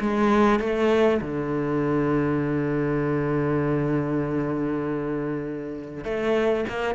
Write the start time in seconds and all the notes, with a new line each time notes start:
0.00 G#3
0.60 A3
1.21 D3
6.04 A3
6.69 A#3